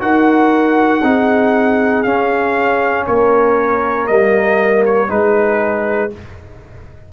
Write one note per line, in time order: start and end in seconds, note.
0.00 1.03 D#4
0.00 1.02 F#4
0.00 1.04 A#4
0.00 2.03 F#5
1.03 2.04 C4
1.03 2.05 D#4
1.03 3.06 G#4
2.03 3.06 C#4
2.03 4.08 C#4
2.03 3.05 F5
3.06 4.09 A#3
3.06 5.10 A#4
3.06 4.07 C#5
4.07 5.10 G3
4.07 5.08 A#3
4.07 4.83 D#5
4.85 5.10 C#5
5.08 6.11 G#3
5.08 6.10 D#4
5.08 6.12 G#4
5.08 6.12 B4